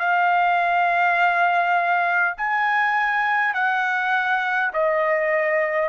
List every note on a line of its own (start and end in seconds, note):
0.00 2.35 F5
2.37 3.54 G#5
3.54 4.72 F#5
4.73 5.89 D#5